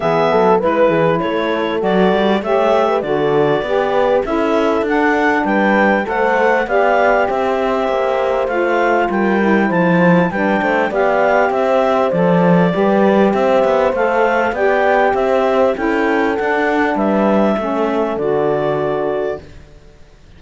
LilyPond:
<<
  \new Staff \with { instrumentName = "clarinet" } { \time 4/4 \tempo 4 = 99 e''4 b'4 cis''4 d''4 | e''4 d''2 e''4 | fis''4 g''4 fis''4 f''4 | e''2 f''4 g''4 |
a''4 g''4 f''4 e''4 | d''2 e''4 f''4 | g''4 e''4 g''4 fis''4 | e''2 d''2 | }
  \new Staff \with { instrumentName = "horn" } { \time 4/4 gis'8 a'8 b'8 gis'8 a'2 | cis''8. b'16 a'4 b'4 a'4~ | a'4 b'4 c''4 d''4 | c''2. ais'4 |
c''4 b'8 c''8 d''4 c''4~ | c''4 b'4 c''2 | d''4 c''4 a'2 | b'4 a'2. | }
  \new Staff \with { instrumentName = "saxophone" } { \time 4/4 b4 e'2 fis'4 | g'4 fis'4 g'4 e'4 | d'2 a'4 g'4~ | g'2 f'4. e'8~ |
e'4 d'4 g'2 | a'4 g'2 a'4 | g'2 e'4 d'4~ | d'4 cis'4 fis'2 | }
  \new Staff \with { instrumentName = "cello" } { \time 4/4 e8 fis8 gis8 e8 a4 fis8 g8 | a4 d4 b4 cis'4 | d'4 g4 a4 b4 | c'4 ais4 a4 g4 |
f4 g8 a8 b4 c'4 | f4 g4 c'8 b8 a4 | b4 c'4 cis'4 d'4 | g4 a4 d2 | }
>>